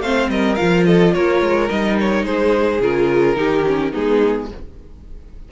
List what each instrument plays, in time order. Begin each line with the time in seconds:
0.00 cello A3, viola C4, violin C5 F5
0.29 cello G3, violin A#4 D#5
0.56 cello F3, viola F4, violin F5
0.86 violin A4 D#5
1.14 cello A#3, violin A#4 C#5
1.42 cello G#3
1.69 cello G3, viola D#4, violin D#5
2.00 violin C#5
2.23 cello G#3, violin G#4 C5
2.80 cello C#3, viola F4, violin A#4
3.36 cello D#3, viola D#4, violin G4
3.67 viola C#4
3.92 cello G#3, viola B3, violin D#4 G#4